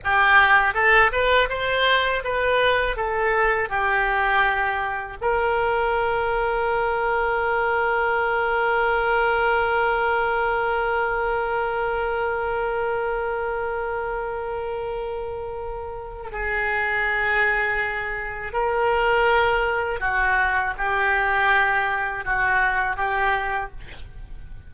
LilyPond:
\new Staff \with { instrumentName = "oboe" } { \time 4/4 \tempo 4 = 81 g'4 a'8 b'8 c''4 b'4 | a'4 g'2 ais'4~ | ais'1~ | ais'1~ |
ais'1~ | ais'2 gis'2~ | gis'4 ais'2 fis'4 | g'2 fis'4 g'4 | }